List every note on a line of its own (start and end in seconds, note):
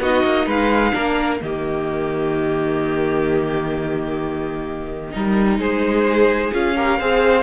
0.00 0.23 B3
0.00 0.92 D#4
0.00 0.46 F#4
0.00 0.48 D#5
0.23 0.46 A#3
0.46 0.92 G#3
0.46 0.92 B4
0.46 1.41 F5
0.92 1.41 A#3
0.92 1.39 D4
0.92 1.40 A#4
1.40 5.14 D#3
1.40 5.11 A#3
1.40 5.13 G4
1.40 5.59 D#5
5.11 5.58 G3
5.11 6.51 D#4
5.11 5.60 A#4
5.58 6.51 G#3
5.58 6.75 G#4
5.58 6.53 C5
6.52 7.00 C#4
6.52 6.75 F4
6.52 7.43 F5
6.75 7.00 G4
6.75 6.98 A#4
6.98 7.43 C4
6.98 7.43 G#4
6.98 7.43 C5